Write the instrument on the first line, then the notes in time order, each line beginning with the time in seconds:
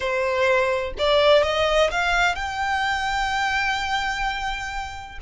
violin
0.00 C5
0.98 D5
1.43 D#5
1.90 F5
2.35 G5